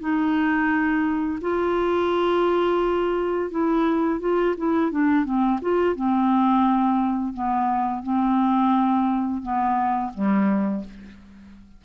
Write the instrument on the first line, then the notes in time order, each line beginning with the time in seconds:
clarinet
0.00 D#4
1.41 F4
3.51 E4
4.20 F4
4.57 E4
4.91 D4
5.25 C4
5.62 F4
5.96 C4
7.34 B3
8.03 C4
9.42 B3
10.14 G3